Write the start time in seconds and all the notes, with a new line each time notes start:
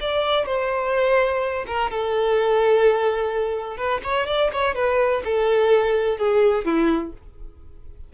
0.00 D5
0.46 C5
1.67 A#4
1.90 A4
3.77 B4
4.03 C#5
4.27 D5
4.52 C#5
4.75 B4
5.24 A4
6.18 G#4
6.65 E4